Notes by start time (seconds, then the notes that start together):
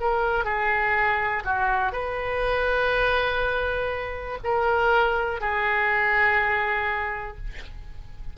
0.00 A#4
0.45 G#4
1.44 F#4
1.92 B4
4.44 A#4
5.41 G#4